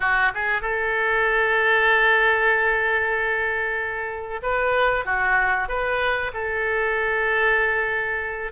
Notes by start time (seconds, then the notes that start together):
0.00 F#4
0.34 G#4
0.61 A4
4.42 B4
5.05 F#4
5.68 B4
6.33 A4